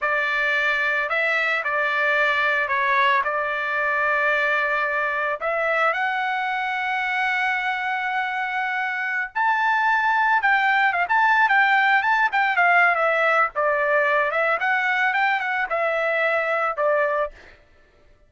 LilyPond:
\new Staff \with { instrumentName = "trumpet" } { \time 4/4 \tempo 4 = 111 d''2 e''4 d''4~ | d''4 cis''4 d''2~ | d''2 e''4 fis''4~ | fis''1~ |
fis''4~ fis''16 a''2 g''8.~ | g''16 f''16 a''8. g''4 a''8 g''8 f''8. | e''4 d''4. e''8 fis''4 | g''8 fis''8 e''2 d''4 | }